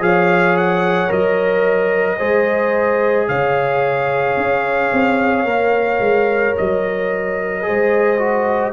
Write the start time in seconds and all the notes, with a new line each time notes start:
0.00 F3 G#4 C#5 F5
0.57 F#5
1.08 F#3 A#4 D#5
2.18 G#3 G#4 C5
3.28 C#3 C#5 F5
4.37 C#4
4.93 C4
5.45 A#3 A#4
6.00 G#3
6.58 F#3 D#5
7.63 G#3 G#4 C5
8.19 F#4